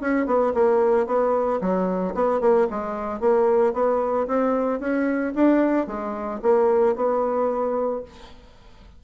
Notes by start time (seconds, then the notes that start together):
0.00 C#4
0.26 B3
0.54 A#3
1.06 B3
1.60 F#3
2.14 B3
2.40 A#3
2.70 G#3
3.20 A#3
3.73 B3
4.27 C4
4.79 C#4
5.34 D4
5.87 G#3
6.42 A#3
6.95 B3